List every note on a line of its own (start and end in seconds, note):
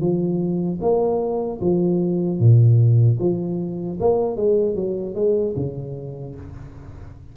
0.00 0.79 F3
0.81 1.60 A#3
1.61 2.39 F3
2.39 3.18 A#2
3.19 3.98 F3
4.00 4.36 A#3
4.36 4.75 G#3
4.75 5.14 F#3
5.15 5.54 G#3
5.56 6.35 C#3